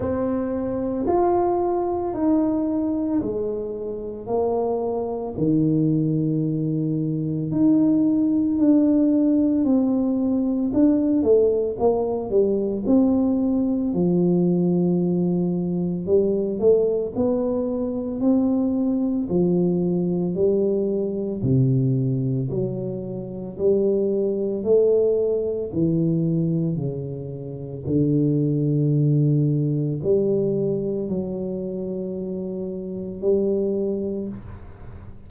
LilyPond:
\new Staff \with { instrumentName = "tuba" } { \time 4/4 \tempo 4 = 56 c'4 f'4 dis'4 gis4 | ais4 dis2 dis'4 | d'4 c'4 d'8 a8 ais8 g8 | c'4 f2 g8 a8 |
b4 c'4 f4 g4 | c4 fis4 g4 a4 | e4 cis4 d2 | g4 fis2 g4 | }